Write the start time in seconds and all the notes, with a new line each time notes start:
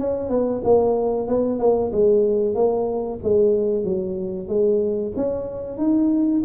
0.00 C#4
0.30 B3
0.65 A#3
1.28 B3
1.60 A#3
1.93 G#3
2.55 A#3
3.24 G#3
3.85 F#3
4.48 G#3
5.16 C#4
5.78 D#4